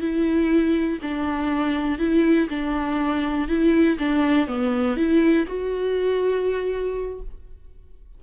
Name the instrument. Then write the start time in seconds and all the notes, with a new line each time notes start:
viola
0.00 E4
1.01 D4
1.99 E4
2.49 D4
3.48 E4
3.98 D4
4.47 B3
4.96 E4
5.47 F#4